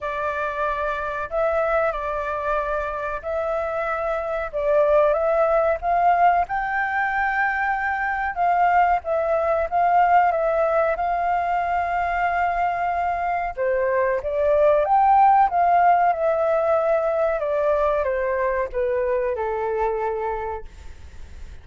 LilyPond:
\new Staff \with { instrumentName = "flute" } { \time 4/4 \tempo 4 = 93 d''2 e''4 d''4~ | d''4 e''2 d''4 | e''4 f''4 g''2~ | g''4 f''4 e''4 f''4 |
e''4 f''2.~ | f''4 c''4 d''4 g''4 | f''4 e''2 d''4 | c''4 b'4 a'2 | }